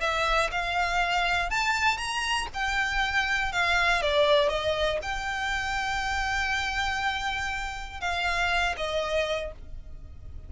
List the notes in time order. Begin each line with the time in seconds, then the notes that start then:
0.00 E5
0.51 F5
1.50 A5
1.97 A#5
2.54 G5
3.52 F5
4.02 D5
4.49 D#5
5.02 G5
8.00 F5
8.77 D#5